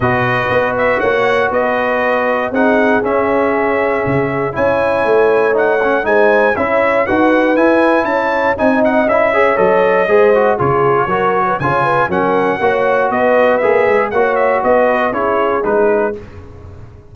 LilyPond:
<<
  \new Staff \with { instrumentName = "trumpet" } { \time 4/4 \tempo 4 = 119 dis''4. e''8 fis''4 dis''4~ | dis''4 fis''4 e''2~ | e''4 gis''2 fis''4 | gis''4 e''4 fis''4 gis''4 |
a''4 gis''8 fis''8 e''4 dis''4~ | dis''4 cis''2 gis''4 | fis''2 dis''4 e''4 | fis''8 e''8 dis''4 cis''4 b'4 | }
  \new Staff \with { instrumentName = "horn" } { \time 4/4 b'2 cis''4 b'4~ | b'4 gis'2.~ | gis'4 cis''2. | c''4 cis''4 b'2 |
cis''4 dis''4. cis''4. | c''4 gis'4 ais'8. b'16 cis''8 b'8 | ais'4 cis''4 b'2 | cis''4 b'4 gis'2 | }
  \new Staff \with { instrumentName = "trombone" } { \time 4/4 fis'1~ | fis'4 dis'4 cis'2~ | cis'4 e'2 dis'8 cis'8 | dis'4 e'4 fis'4 e'4~ |
e'4 dis'4 e'8 gis'8 a'4 | gis'8 fis'8 f'4 fis'4 f'4 | cis'4 fis'2 gis'4 | fis'2 e'4 dis'4 | }
  \new Staff \with { instrumentName = "tuba" } { \time 4/4 b,4 b4 ais4 b4~ | b4 c'4 cis'2 | cis4 cis'4 a2 | gis4 cis'4 dis'4 e'4 |
cis'4 c'4 cis'4 fis4 | gis4 cis4 fis4 cis4 | fis4 ais4 b4 ais8 gis8 | ais4 b4 cis'4 gis4 | }
>>